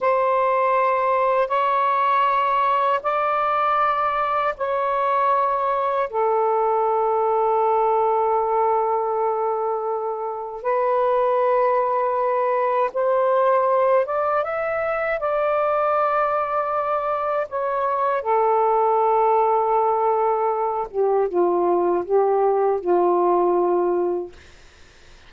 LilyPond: \new Staff \with { instrumentName = "saxophone" } { \time 4/4 \tempo 4 = 79 c''2 cis''2 | d''2 cis''2 | a'1~ | a'2 b'2~ |
b'4 c''4. d''8 e''4 | d''2. cis''4 | a'2.~ a'8 g'8 | f'4 g'4 f'2 | }